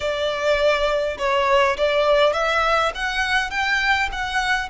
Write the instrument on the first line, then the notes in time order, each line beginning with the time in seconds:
violin
0.00 D5
1.18 C#5
1.77 D5
2.33 E5
2.94 F#5
3.50 G5
4.12 F#5